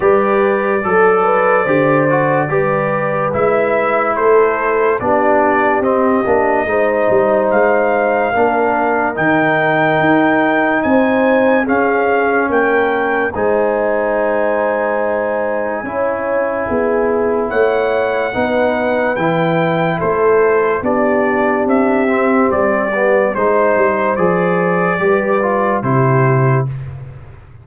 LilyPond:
<<
  \new Staff \with { instrumentName = "trumpet" } { \time 4/4 \tempo 4 = 72 d''1 | e''4 c''4 d''4 dis''4~ | dis''4 f''2 g''4~ | g''4 gis''4 f''4 g''4 |
gis''1~ | gis''4 fis''2 g''4 | c''4 d''4 e''4 d''4 | c''4 d''2 c''4 | }
  \new Staff \with { instrumentName = "horn" } { \time 4/4 b'4 a'8 b'8 c''4 b'4~ | b'4 a'4 g'2 | c''2 ais'2~ | ais'4 c''4 gis'4 ais'4 |
c''2. cis''4 | gis'4 cis''4 b'2 | a'4 g'2. | c''2 b'4 g'4 | }
  \new Staff \with { instrumentName = "trombone" } { \time 4/4 g'4 a'4 g'8 fis'8 g'4 | e'2 d'4 c'8 d'8 | dis'2 d'4 dis'4~ | dis'2 cis'2 |
dis'2. e'4~ | e'2 dis'4 e'4~ | e'4 d'4. c'4 b8 | dis'4 gis'4 g'8 f'8 e'4 | }
  \new Staff \with { instrumentName = "tuba" } { \time 4/4 g4 fis4 d4 g4 | gis4 a4 b4 c'8 ais8 | gis8 g8 gis4 ais4 dis4 | dis'4 c'4 cis'4 ais4 |
gis2. cis'4 | b4 a4 b4 e4 | a4 b4 c'4 g4 | gis8 g8 f4 g4 c4 | }
>>